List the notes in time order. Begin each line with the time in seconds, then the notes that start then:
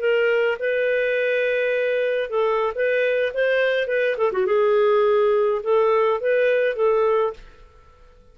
0.00 A#4
0.59 B4
2.30 A4
2.75 B4
3.34 C5
3.88 B4
4.17 A4
4.32 F#4
4.46 G#4
5.63 A4
6.20 B4
6.76 A4